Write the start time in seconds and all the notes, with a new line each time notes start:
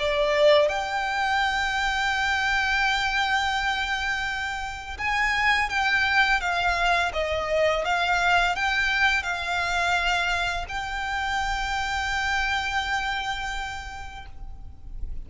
0.00 D5
0.69 G5
4.98 G#5
5.70 G5
6.41 F5
7.14 D#5
7.85 F5
8.56 G5
9.24 F5
10.69 G5